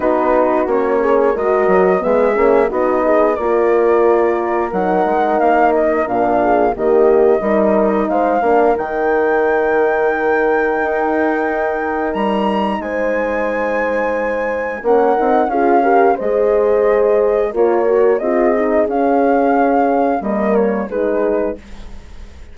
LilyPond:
<<
  \new Staff \with { instrumentName = "flute" } { \time 4/4 \tempo 4 = 89 b'4 cis''4 dis''4 e''4 | dis''4 d''2 fis''4 | f''8 dis''8 f''4 dis''2 | f''4 g''2.~ |
g''2 ais''4 gis''4~ | gis''2 fis''4 f''4 | dis''2 cis''4 dis''4 | f''2 dis''8 cis''8 b'4 | }
  \new Staff \with { instrumentName = "horn" } { \time 4/4 fis'4. gis'8 ais'4 gis'4 | fis'8 gis'8 ais'2.~ | ais'4. gis'8 g'4 ais'4 | c''8 ais'2.~ ais'8~ |
ais'2. c''4~ | c''2 ais'4 gis'8 ais'8 | c''2 ais'4 gis'4~ | gis'2 ais'4 gis'4 | }
  \new Staff \with { instrumentName = "horn" } { \time 4/4 dis'4 cis'4 fis'4 b8 cis'8 | dis'4 f'2 dis'4~ | dis'4 d'4 ais4 dis'4~ | dis'8 d'8 dis'2.~ |
dis'1~ | dis'2 cis'8 dis'8 f'8 g'8 | gis'2 f'8 fis'8 f'8 dis'8 | cis'2 ais4 dis'4 | }
  \new Staff \with { instrumentName = "bassoon" } { \time 4/4 b4 ais4 gis8 fis8 gis8 ais8 | b4 ais2 fis8 gis8 | ais4 ais,4 dis4 g4 | gis8 ais8 dis2. |
dis'2 g4 gis4~ | gis2 ais8 c'8 cis'4 | gis2 ais4 c'4 | cis'2 g4 gis4 | }
>>